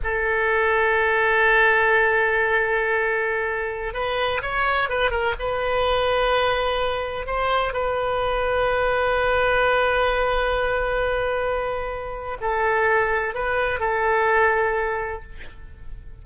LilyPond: \new Staff \with { instrumentName = "oboe" } { \time 4/4 \tempo 4 = 126 a'1~ | a'1~ | a'16 b'4 cis''4 b'8 ais'8 b'8.~ | b'2.~ b'16 c''8.~ |
c''16 b'2.~ b'8.~ | b'1~ | b'2 a'2 | b'4 a'2. | }